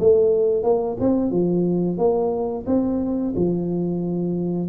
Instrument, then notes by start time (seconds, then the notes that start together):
tuba
0.00 A3
0.63 A#3
1.00 C4
1.31 F3
1.98 A#3
2.67 C4
3.36 F3